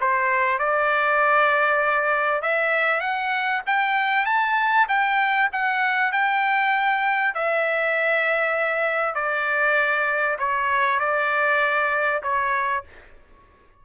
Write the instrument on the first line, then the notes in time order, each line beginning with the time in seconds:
trumpet
0.00 C5
0.58 D5
2.42 E5
3.00 F#5
3.66 G5
4.25 A5
4.88 G5
5.52 F#5
6.12 G5
7.34 E5
9.14 D5
10.38 C#5
10.99 D5
12.22 C#5